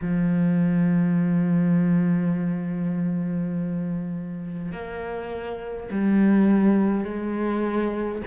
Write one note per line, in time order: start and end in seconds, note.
0.01 4.72 F3
4.72 5.89 A#3
5.91 7.04 G3
7.04 8.21 G#3